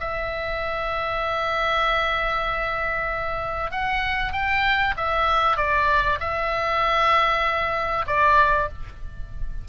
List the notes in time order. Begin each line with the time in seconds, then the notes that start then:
0.00 E5
3.71 F#5
4.33 G5
4.97 E5
5.57 D5
6.20 E5
8.07 D5